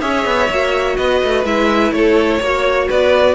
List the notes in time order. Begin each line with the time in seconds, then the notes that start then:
0.00 C#4 G#4 C#5 E5
0.25 B3
0.49 A#3 F#4
0.96 B3 B4 D#5
1.23 A3
1.45 G#3 E4 E5
1.91 A3 A4 C#5
2.40 A#3 F#4 C#5
2.87 B3 B4 D5